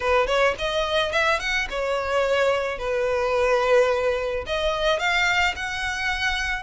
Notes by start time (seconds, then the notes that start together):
0.00 B4
0.27 C#5
0.58 D#5
1.11 E5
1.39 F#5
1.69 C#5
2.78 B4
4.46 D#5
4.98 F5
5.56 F#5